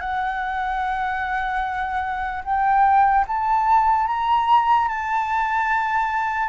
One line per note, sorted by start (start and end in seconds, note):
0.00 2.43 F#5
2.44 3.25 G5
3.28 4.07 A5
4.07 4.88 A#5
4.88 6.49 A5